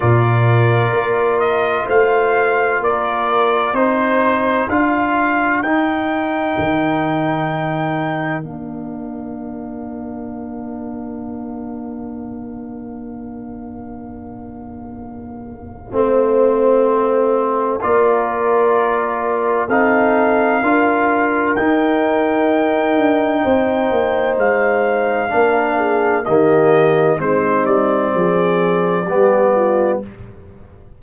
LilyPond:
<<
  \new Staff \with { instrumentName = "trumpet" } { \time 4/4 \tempo 4 = 64 d''4. dis''8 f''4 d''4 | c''4 f''4 g''2~ | g''4 f''2.~ | f''1~ |
f''2. d''4~ | d''4 f''2 g''4~ | g''2 f''2 | dis''4 c''8 d''2~ d''8 | }
  \new Staff \with { instrumentName = "horn" } { \time 4/4 ais'2 c''4 ais'4 | c''4 ais'2.~ | ais'1~ | ais'1~ |
ais'4 c''2 ais'4~ | ais'4 a'4 ais'2~ | ais'4 c''2 ais'8 gis'8 | g'4 dis'4 gis'4 g'8 f'8 | }
  \new Staff \with { instrumentName = "trombone" } { \time 4/4 f'1 | dis'4 f'4 dis'2~ | dis'4 d'2.~ | d'1~ |
d'4 c'2 f'4~ | f'4 dis'4 f'4 dis'4~ | dis'2. d'4 | ais4 c'2 b4 | }
  \new Staff \with { instrumentName = "tuba" } { \time 4/4 ais,4 ais4 a4 ais4 | c'4 d'4 dis'4 dis4~ | dis4 ais2.~ | ais1~ |
ais4 a2 ais4~ | ais4 c'4 d'4 dis'4~ | dis'8 d'8 c'8 ais8 gis4 ais4 | dis4 gis8 g8 f4 g4 | }
>>